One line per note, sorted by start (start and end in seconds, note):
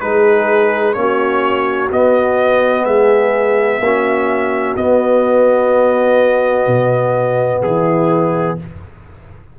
0.00 0.96 G#3
0.00 0.95 D#4
0.00 0.97 G#4
0.00 0.93 B4
0.93 1.91 A#3
0.93 1.90 C#4
0.93 1.88 C#5
1.00 2.85 F#4
1.91 2.86 B3
1.91 3.82 B3
1.91 2.85 D#5
2.85 3.80 G#3
2.85 3.80 G#4
2.85 4.75 E5
3.80 4.75 A#3
3.80 4.78 C#4
3.80 7.63 F#4
4.77 6.67 B3
4.77 8.59 B3
4.77 7.62 D#5
6.67 7.62 B2
7.63 8.58 E3
7.63 8.58 E4
7.63 8.58 G#4